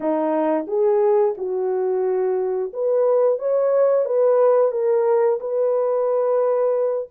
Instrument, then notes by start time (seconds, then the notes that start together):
horn
0.00 D#4
0.67 G#4
1.37 F#4
2.73 B4
3.38 C#5
4.05 B4
4.71 A#4
5.40 B4